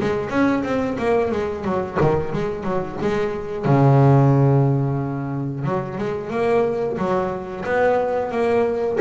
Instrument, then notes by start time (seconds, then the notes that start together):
double bass
0.00 G#3
0.29 C#4
0.63 C4
0.98 A#3
1.31 G#3
1.64 F#3
2.01 D#3
2.33 G#3
2.63 F#3
3.01 G#3
3.65 C#3
5.64 F#3
5.98 G#3
6.30 A#3
6.97 F#3
7.65 B3
8.31 A#3